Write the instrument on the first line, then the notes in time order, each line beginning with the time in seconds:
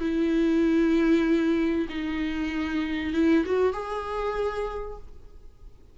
viola
0.00 E4
1.89 D#4
3.14 E4
3.46 F#4
3.73 G#4